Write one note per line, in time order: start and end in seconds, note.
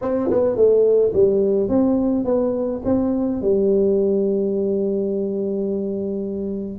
0.01 0.30 C4
0.30 0.55 B3
0.55 1.12 A3
1.13 1.68 G3
1.68 2.25 C4
2.25 2.81 B3
2.85 3.41 C4
3.41 6.79 G3